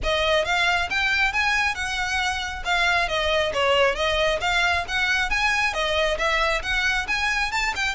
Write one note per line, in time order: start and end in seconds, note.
0.03 0.45 D#5
0.45 0.89 F5
0.89 1.32 G5
1.32 1.74 G#5
1.74 2.63 F#5
2.64 3.08 F5
3.08 3.52 D#5
3.53 3.95 C#5
3.95 4.39 D#5
4.40 4.84 F5
4.87 5.30 F#5
5.30 5.73 G#5
5.73 6.17 D#5
6.18 6.62 E5
6.62 7.06 F#5
7.07 7.51 G#5
7.51 7.73 A5
7.75 7.95 G5